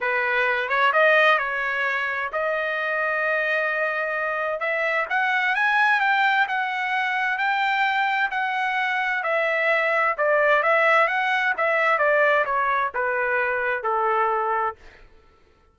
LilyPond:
\new Staff \with { instrumentName = "trumpet" } { \time 4/4 \tempo 4 = 130 b'4. cis''8 dis''4 cis''4~ | cis''4 dis''2.~ | dis''2 e''4 fis''4 | gis''4 g''4 fis''2 |
g''2 fis''2 | e''2 d''4 e''4 | fis''4 e''4 d''4 cis''4 | b'2 a'2 | }